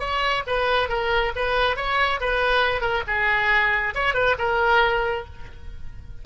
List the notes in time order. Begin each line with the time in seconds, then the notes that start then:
0.00 C#5
0.47 B4
0.89 A#4
1.36 B4
1.77 C#5
2.21 B4
2.82 A#4
3.08 G#4
3.95 C#5
4.14 B4
4.39 A#4